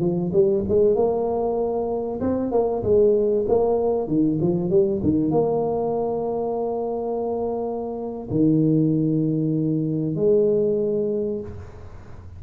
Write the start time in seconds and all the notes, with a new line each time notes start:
0.00 F3
0.33 G3
0.68 G#3
0.95 A#3
2.20 C4
2.51 A#3
2.83 G#3
3.48 A#3
4.07 D#3
4.41 F3
4.70 G3
5.03 D#3
5.31 A#3
8.30 D#3
10.16 G#3